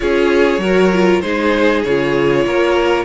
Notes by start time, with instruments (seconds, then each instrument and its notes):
0.00 cello C#4, viola F4, violin G#4 C#5
0.58 cello F#3, viola F#4, violin A#4
0.93 viola F4
1.21 cello G#3, viola D#4, violin G#4 C5
1.83 cello C#3, viola F4, violin C#5
2.45 cello A#3, violin A#4